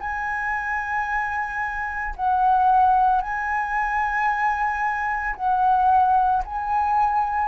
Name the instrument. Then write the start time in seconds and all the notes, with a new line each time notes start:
flute
0.00 G#5
2.16 F#5
3.21 G#5
5.35 F#5
6.45 G#5